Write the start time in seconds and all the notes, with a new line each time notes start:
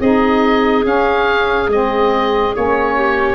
0.00 C4 D#4 G#4 D#5
0.83 C#4 F5
1.68 G#3 C4 D#5
2.55 A#3 C#4 C#5
2.95 G4